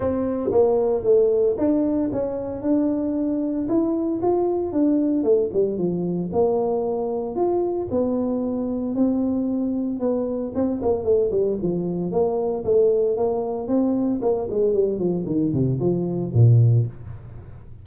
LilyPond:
\new Staff \with { instrumentName = "tuba" } { \time 4/4 \tempo 4 = 114 c'4 ais4 a4 d'4 | cis'4 d'2 e'4 | f'4 d'4 a8 g8 f4 | ais2 f'4 b4~ |
b4 c'2 b4 | c'8 ais8 a8 g8 f4 ais4 | a4 ais4 c'4 ais8 gis8 | g8 f8 dis8 c8 f4 ais,4 | }